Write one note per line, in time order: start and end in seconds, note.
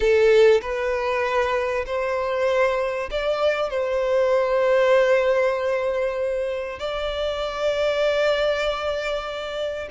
0.00 0.60 A4
0.61 1.85 B4
1.86 3.09 C5
3.10 3.70 D5
3.70 6.79 C5
6.79 9.88 D5